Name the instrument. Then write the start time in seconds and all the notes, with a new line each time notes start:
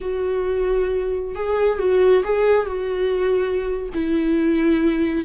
viola
0.00 F#4
1.35 G#4
1.78 F#4
2.24 G#4
2.66 F#4
3.93 E4